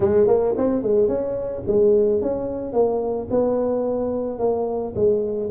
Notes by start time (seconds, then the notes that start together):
0.00 G#3
0.27 A#3
0.57 C4
0.82 G#3
1.08 C#4
1.67 G#3
2.21 C#4
2.72 A#3
3.30 B3
4.38 A#3
4.95 G#3